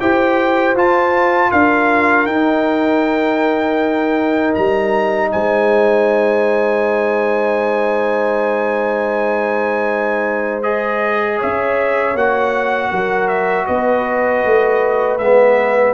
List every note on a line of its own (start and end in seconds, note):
0.00 0.75 E4
0.00 0.76 G4
0.00 1.51 C5
0.00 0.76 G5
0.75 1.51 F4
0.75 2.28 F4
0.75 1.51 A5
1.51 2.26 D4
1.51 5.31 A#4
1.51 2.26 F5
2.26 4.54 D#4
2.26 10.63 D#4
2.26 4.53 G5
4.54 5.33 G3
4.54 5.30 A#5
5.31 11.42 G#3
5.31 11.37 C5
5.31 10.62 G#5
10.62 12.15 G#4
10.62 11.38 D#5
11.37 12.89 C#5
11.37 12.17 E5
11.43 12.15 C#4
12.15 12.91 A#3
12.15 15.20 F#4
12.15 13.28 F#5
12.90 13.67 F#3
12.90 13.66 A#4
13.28 13.66 E5
13.66 14.44 B3
13.66 15.94 B4
13.66 15.18 D#5
14.45 15.19 A3
15.18 15.94 G#3
15.18 15.94 B3
15.18 15.94 E5